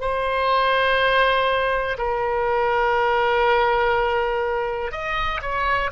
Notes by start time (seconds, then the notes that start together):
0.00 C5
1.98 A#4
4.91 D#5
5.41 C#5